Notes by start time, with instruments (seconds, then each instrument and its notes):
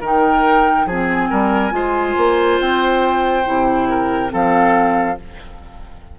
0.00 bassoon D#3, clarinet D#4, oboe A#4, flute G5
0.85 bassoon F3, clarinet C4, oboe G#4, flute G#5
1.30 bassoon G3, oboe A#4
1.71 bassoon G#3, clarinet F4, oboe C5
2.17 bassoon A#3
2.60 bassoon C4, flute G5
3.45 bassoon C3, clarinet E4
3.89 oboe A#4
4.29 bassoon F3, clarinet C4, oboe A4, flute F5